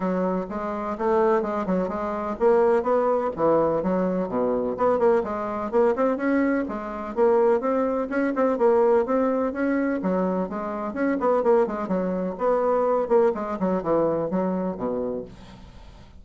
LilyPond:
\new Staff \with { instrumentName = "bassoon" } { \time 4/4 \tempo 4 = 126 fis4 gis4 a4 gis8 fis8 | gis4 ais4 b4 e4 | fis4 b,4 b8 ais8 gis4 | ais8 c'8 cis'4 gis4 ais4 |
c'4 cis'8 c'8 ais4 c'4 | cis'4 fis4 gis4 cis'8 b8 | ais8 gis8 fis4 b4. ais8 | gis8 fis8 e4 fis4 b,4 | }